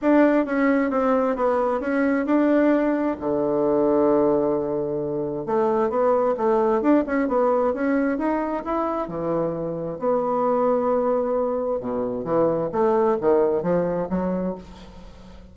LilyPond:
\new Staff \with { instrumentName = "bassoon" } { \time 4/4 \tempo 4 = 132 d'4 cis'4 c'4 b4 | cis'4 d'2 d4~ | d1 | a4 b4 a4 d'8 cis'8 |
b4 cis'4 dis'4 e'4 | e2 b2~ | b2 b,4 e4 | a4 dis4 f4 fis4 | }